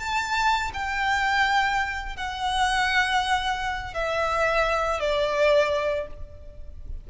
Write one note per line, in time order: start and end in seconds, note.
0.00 0.71 A5
0.74 2.17 G5
2.17 3.94 F#5
3.94 5.00 E5
5.00 6.07 D5